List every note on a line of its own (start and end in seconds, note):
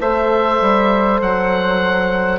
0.00 0.60 A3
0.00 2.39 A4
0.00 2.39 C5
0.00 1.21 E5
0.61 1.21 G3
1.21 2.39 F#3
1.21 2.39 F#5